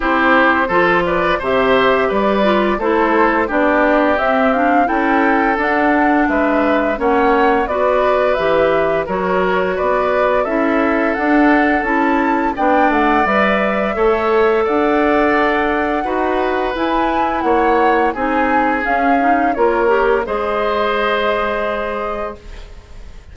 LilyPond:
<<
  \new Staff \with { instrumentName = "flute" } { \time 4/4 \tempo 4 = 86 c''4. d''8 e''4 d''4 | c''4 d''4 e''8 f''8 g''4 | fis''4 e''4 fis''4 d''4 | e''4 cis''4 d''4 e''4 |
fis''4 a''4 g''8 fis''8 e''4~ | e''4 fis''2. | gis''4 fis''4 gis''4 f''4 | cis''4 dis''2. | }
  \new Staff \with { instrumentName = "oboe" } { \time 4/4 g'4 a'8 b'8 c''4 b'4 | a'4 g'2 a'4~ | a'4 b'4 cis''4 b'4~ | b'4 ais'4 b'4 a'4~ |
a'2 d''2 | cis''4 d''2 b'4~ | b'4 cis''4 gis'2 | ais'4 c''2. | }
  \new Staff \with { instrumentName = "clarinet" } { \time 4/4 e'4 f'4 g'4. f'8 | e'4 d'4 c'8 d'8 e'4 | d'2 cis'4 fis'4 | g'4 fis'2 e'4 |
d'4 e'4 d'4 b'4 | a'2. fis'4 | e'2 dis'4 cis'8 dis'8 | f'8 g'8 gis'2. | }
  \new Staff \with { instrumentName = "bassoon" } { \time 4/4 c'4 f4 c4 g4 | a4 b4 c'4 cis'4 | d'4 gis4 ais4 b4 | e4 fis4 b4 cis'4 |
d'4 cis'4 b8 a8 g4 | a4 d'2 dis'4 | e'4 ais4 c'4 cis'4 | ais4 gis2. | }
>>